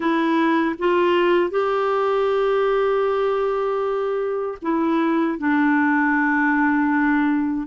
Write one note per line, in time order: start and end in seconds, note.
0.00 0.75 E4
0.78 1.50 F4
1.50 4.58 G4
4.62 5.38 E4
5.38 7.67 D4